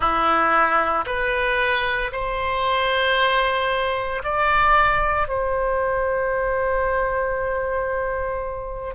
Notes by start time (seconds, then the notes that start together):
0.00 E4
1.06 B4
2.11 C5
4.23 D5
5.28 C5